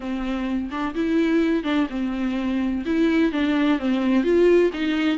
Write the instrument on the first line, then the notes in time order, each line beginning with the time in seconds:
viola
0.00 C4
0.71 D4
0.94 E4
1.63 D4
1.89 C4
2.85 E4
3.32 D4
3.79 C4
4.23 F4
4.73 D#4